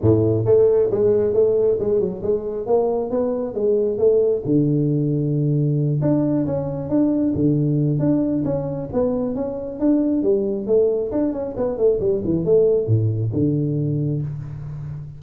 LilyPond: \new Staff \with { instrumentName = "tuba" } { \time 4/4 \tempo 4 = 135 a,4 a4 gis4 a4 | gis8 fis8 gis4 ais4 b4 | gis4 a4 d2~ | d4. d'4 cis'4 d'8~ |
d'8 d4. d'4 cis'4 | b4 cis'4 d'4 g4 | a4 d'8 cis'8 b8 a8 g8 e8 | a4 a,4 d2 | }